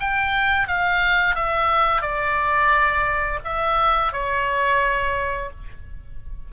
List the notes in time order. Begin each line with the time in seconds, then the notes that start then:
0.00 G5
0.68 F5
1.35 E5
2.02 D5
3.45 E5
4.13 C#5